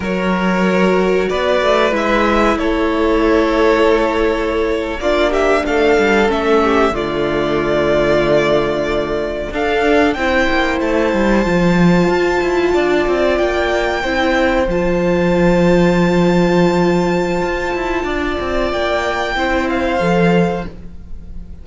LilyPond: <<
  \new Staff \with { instrumentName = "violin" } { \time 4/4 \tempo 4 = 93 cis''2 d''4 e''4 | cis''2.~ cis''8. d''16~ | d''16 e''8 f''4 e''4 d''4~ d''16~ | d''2~ d''8. f''4 g''16~ |
g''8. a''2.~ a''16~ | a''8. g''2 a''4~ a''16~ | a''1~ | a''4 g''4. f''4. | }
  \new Staff \with { instrumentName = "violin" } { \time 4/4 ais'2 b'2 | a'2.~ a'8. f'16~ | f'16 g'8 a'4. g'8 f'4~ f'16~ | f'2~ f'8. a'4 c''16~ |
c''2.~ c''8. d''16~ | d''4.~ d''16 c''2~ c''16~ | c''1 | d''2 c''2 | }
  \new Staff \with { instrumentName = "viola" } { \time 4/4 fis'2. e'4~ | e'2.~ e'8. d'16~ | d'4.~ d'16 cis'4 a4~ a16~ | a2~ a8. d'4 e'16~ |
e'4.~ e'16 f'2~ f'16~ | f'4.~ f'16 e'4 f'4~ f'16~ | f'1~ | f'2 e'4 a'4 | }
  \new Staff \with { instrumentName = "cello" } { \time 4/4 fis2 b8 a8 gis4 | a2.~ a8. ais16~ | ais8. a8 g8 a4 d4~ d16~ | d2~ d8. d'4 c'16~ |
c'16 ais8 a8 g8 f4 f'8 e'8 d'16~ | d'16 c'8 ais4 c'4 f4~ f16~ | f2. f'8 e'8 | d'8 c'8 ais4 c'4 f4 | }
>>